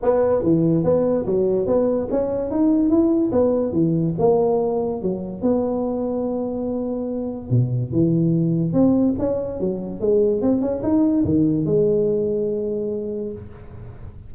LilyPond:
\new Staff \with { instrumentName = "tuba" } { \time 4/4 \tempo 4 = 144 b4 e4 b4 fis4 | b4 cis'4 dis'4 e'4 | b4 e4 ais2 | fis4 b2.~ |
b2 b,4 e4~ | e4 c'4 cis'4 fis4 | gis4 c'8 cis'8 dis'4 dis4 | gis1 | }